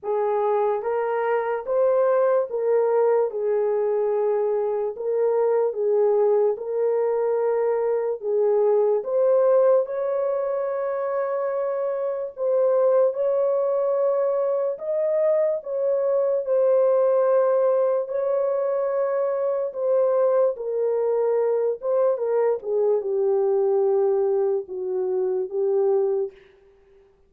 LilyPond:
\new Staff \with { instrumentName = "horn" } { \time 4/4 \tempo 4 = 73 gis'4 ais'4 c''4 ais'4 | gis'2 ais'4 gis'4 | ais'2 gis'4 c''4 | cis''2. c''4 |
cis''2 dis''4 cis''4 | c''2 cis''2 | c''4 ais'4. c''8 ais'8 gis'8 | g'2 fis'4 g'4 | }